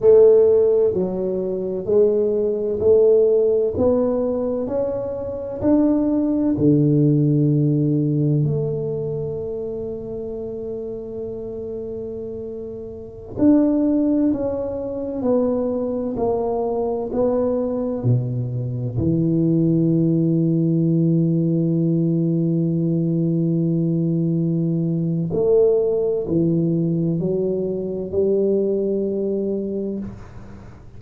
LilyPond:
\new Staff \with { instrumentName = "tuba" } { \time 4/4 \tempo 4 = 64 a4 fis4 gis4 a4 | b4 cis'4 d'4 d4~ | d4 a2.~ | a2~ a16 d'4 cis'8.~ |
cis'16 b4 ais4 b4 b,8.~ | b,16 e2.~ e8.~ | e2. a4 | e4 fis4 g2 | }